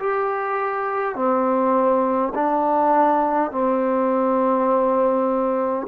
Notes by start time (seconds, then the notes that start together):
0.00 G4
1.15 C4
2.35 D4
3.51 C4